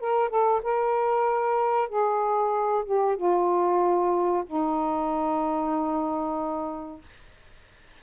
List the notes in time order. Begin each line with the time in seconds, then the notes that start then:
0.00 A#4
0.29 A4
0.63 A#4
1.89 G#4
2.85 G4
3.17 F4
4.47 D#4